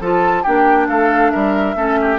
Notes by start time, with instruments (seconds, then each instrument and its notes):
0.00 bassoon F3, clarinet F4, oboe A4, flute A5
0.43 bassoon A#3, clarinet D4, oboe G4, flute G5
0.88 bassoon A3, oboe A4, flute F5
1.31 bassoon G3, oboe A#4, flute E5
1.75 bassoon A3, clarinet C#4, oboe A4
2.01 oboe G4